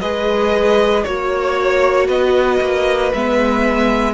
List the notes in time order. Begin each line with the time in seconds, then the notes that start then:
0.00 G#3 G#4 B4 D#5
1.03 A#3 F#4 C#5
2.07 B3 B4 D#5
2.60 A#3
3.13 G#3 B3 E5